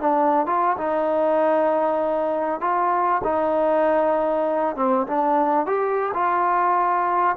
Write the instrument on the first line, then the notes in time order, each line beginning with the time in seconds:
trombone
0.00 D4
0.46 F4
0.78 D#4
2.60 F4
3.24 D#4
4.76 C4
5.07 D4
5.66 G4
6.14 F4